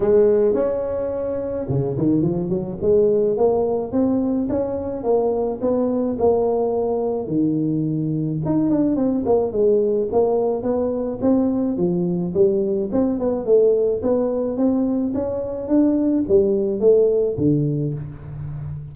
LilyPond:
\new Staff \with { instrumentName = "tuba" } { \time 4/4 \tempo 4 = 107 gis4 cis'2 cis8 dis8 | f8 fis8 gis4 ais4 c'4 | cis'4 ais4 b4 ais4~ | ais4 dis2 dis'8 d'8 |
c'8 ais8 gis4 ais4 b4 | c'4 f4 g4 c'8 b8 | a4 b4 c'4 cis'4 | d'4 g4 a4 d4 | }